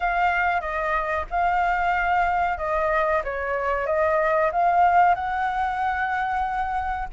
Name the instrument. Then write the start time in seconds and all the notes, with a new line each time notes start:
flute
0.00 F5
0.60 D#5
1.30 F5
2.57 D#5
3.24 C#5
3.86 D#5
4.52 F5
5.14 F#5